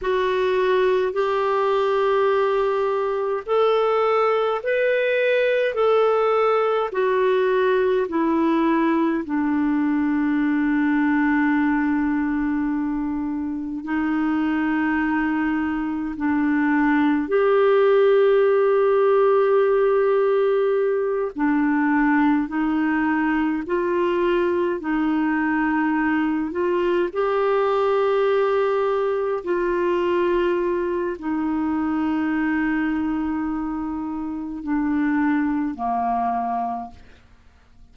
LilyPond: \new Staff \with { instrumentName = "clarinet" } { \time 4/4 \tempo 4 = 52 fis'4 g'2 a'4 | b'4 a'4 fis'4 e'4 | d'1 | dis'2 d'4 g'4~ |
g'2~ g'8 d'4 dis'8~ | dis'8 f'4 dis'4. f'8 g'8~ | g'4. f'4. dis'4~ | dis'2 d'4 ais4 | }